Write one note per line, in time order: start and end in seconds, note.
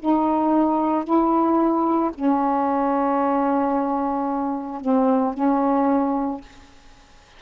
0.00 1.05 D#4
1.05 2.12 E4
2.15 4.81 C#4
4.81 5.34 C4
5.34 6.41 C#4